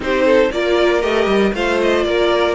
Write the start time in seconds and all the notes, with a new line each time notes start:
0.00 C4 D#4 G4 C5
0.25 A4
0.51 A#3 F4 A#4 D5
1.01 A3 G4 D#5
1.26 G3
1.53 A3 F4 C5 F5
1.82 D#5
2.03 A#3 A#4 D5